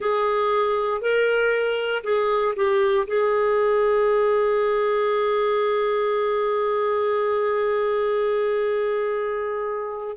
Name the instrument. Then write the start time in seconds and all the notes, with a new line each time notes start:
clarinet
0.00 G#4
1.01 A#4
2.03 G#4
2.56 G4
3.07 G#4